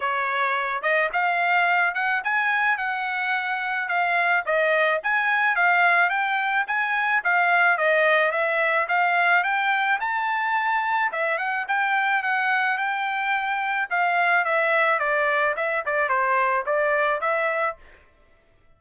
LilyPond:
\new Staff \with { instrumentName = "trumpet" } { \time 4/4 \tempo 4 = 108 cis''4. dis''8 f''4. fis''8 | gis''4 fis''2 f''4 | dis''4 gis''4 f''4 g''4 | gis''4 f''4 dis''4 e''4 |
f''4 g''4 a''2 | e''8 fis''8 g''4 fis''4 g''4~ | g''4 f''4 e''4 d''4 | e''8 d''8 c''4 d''4 e''4 | }